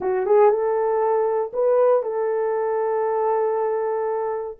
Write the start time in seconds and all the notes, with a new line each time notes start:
0.00 F#4
0.25 G#4
0.50 A4
1.53 B4
2.02 A4